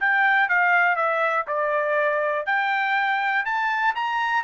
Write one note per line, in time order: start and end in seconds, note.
0.00 0.49 G5
0.49 0.96 F5
0.96 1.46 E5
1.47 2.46 D5
2.46 3.45 G5
3.45 3.95 A5
3.95 4.44 A#5